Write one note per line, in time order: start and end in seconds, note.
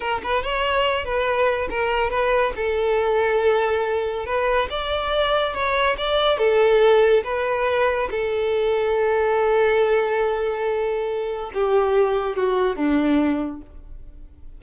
0.00 0.21 A#4
0.23 0.43 B4
0.43 1.04 C#5
1.04 1.68 B4
1.69 2.10 A#4
2.10 2.52 B4
2.56 4.26 A4
4.26 4.68 B4
4.69 5.53 D5
5.53 5.96 C#5
5.97 6.38 D5
6.38 7.23 A4
7.24 8.09 B4
8.11 11.51 A4
11.54 12.36 G4
12.36 12.76 F#4
12.76 13.61 D4